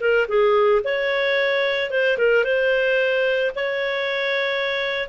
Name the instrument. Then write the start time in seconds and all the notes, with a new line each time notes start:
clarinet
0.00 A#4
0.28 G#4
0.84 C#5
1.91 C5
2.17 A#4
2.44 C5
3.56 C#5